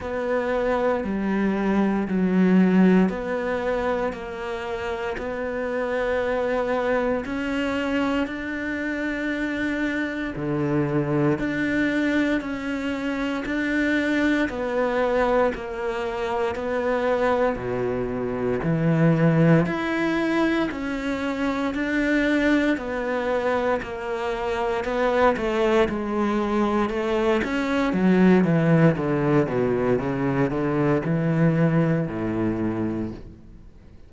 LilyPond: \new Staff \with { instrumentName = "cello" } { \time 4/4 \tempo 4 = 58 b4 g4 fis4 b4 | ais4 b2 cis'4 | d'2 d4 d'4 | cis'4 d'4 b4 ais4 |
b4 b,4 e4 e'4 | cis'4 d'4 b4 ais4 | b8 a8 gis4 a8 cis'8 fis8 e8 | d8 b,8 cis8 d8 e4 a,4 | }